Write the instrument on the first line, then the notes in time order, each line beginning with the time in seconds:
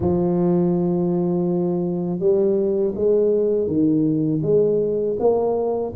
tuba
0.00 F3
2.19 G3
2.95 G#3
3.67 D#3
4.42 G#3
5.19 A#3